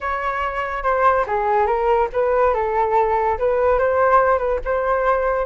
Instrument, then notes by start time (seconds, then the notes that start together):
flute
0.00 C#5
0.83 C5
1.26 G#4
1.66 A#4
2.12 B4
2.54 A4
3.38 B4
3.78 C5
4.38 B4
4.64 C5